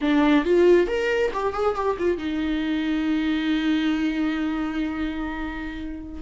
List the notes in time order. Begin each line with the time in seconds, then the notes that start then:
0.01 D4
0.44 F4
0.87 A#4
1.33 G4
1.53 G#4
1.75 G4
1.98 F4
2.17 D#4